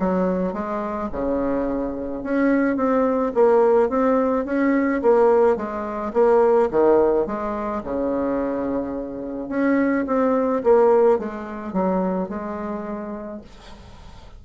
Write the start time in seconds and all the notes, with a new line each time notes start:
0.00 F#3
0.53 G#3
1.12 C#3
2.23 C#4
2.77 C4
3.35 A#3
3.89 C4
4.46 C#4
5.02 A#3
5.57 G#3
6.13 A#3
6.71 D#3
7.26 G#3
7.84 C#3
9.49 C#4
10.07 C4
10.64 A#3
11.19 G#3
11.73 F#3
12.29 G#3